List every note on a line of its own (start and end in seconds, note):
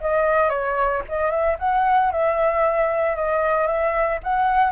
0.00 0.49 D#5
0.49 1.02 C#5
1.08 1.30 D#5
1.30 1.56 E5
1.59 2.11 F#5
2.11 3.16 E5
3.16 3.67 D#5
3.67 4.19 E5
4.23 4.71 F#5